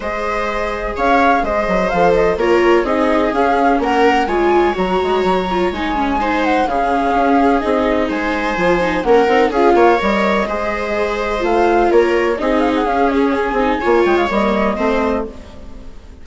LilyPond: <<
  \new Staff \with { instrumentName = "flute" } { \time 4/4 \tempo 4 = 126 dis''2 f''4 dis''4 | f''8 dis''8 cis''4 dis''4 f''4 | fis''4 gis''4 ais''2 | gis''4. fis''8 f''2 |
dis''4 gis''2 fis''4 | f''4 dis''2. | f''4 cis''4 dis''8 f''16 fis''16 f''8 cis''8 | gis''4. g''16 f''16 dis''2 | }
  \new Staff \with { instrumentName = "viola" } { \time 4/4 c''2 cis''4 c''4~ | c''4 ais'4 gis'2 | ais'4 cis''2.~ | cis''4 c''4 gis'2~ |
gis'4 c''2 ais'4 | gis'8 cis''4. c''2~ | c''4 ais'4 gis'2~ | gis'4 cis''2 c''4 | }
  \new Staff \with { instrumentName = "viola" } { \time 4/4 gis'1 | a'4 f'4 dis'4 cis'4~ | cis'4 f'4 fis'4. f'8 | dis'8 cis'8 dis'4 cis'2 |
dis'2 f'8 dis'8 cis'8 dis'8 | f'4 ais'4 gis'2 | f'2 dis'4 cis'4~ | cis'8 dis'8 f'4 ais4 c'4 | }
  \new Staff \with { instrumentName = "bassoon" } { \time 4/4 gis2 cis'4 gis8 fis8 | f4 ais4 c'4 cis'4 | ais4 gis4 fis8 gis8 fis4 | gis2 cis4 cis'4 |
c'4 gis4 f4 ais8 c'8 | cis'8 ais8 g4 gis2 | a4 ais4 c'4 cis'4~ | cis'8 c'8 ais8 gis8 g4 a4 | }
>>